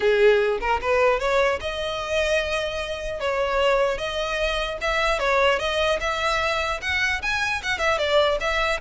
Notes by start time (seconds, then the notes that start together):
0.00 G#4
0.60 A#4
0.81 B4
1.19 C#5
1.60 D#5
3.20 C#5
3.98 D#5
4.81 E5
5.19 C#5
5.59 D#5
6.00 E5
6.81 F#5
7.22 G#5
7.62 F#5
7.78 E5
7.98 D5
8.40 E5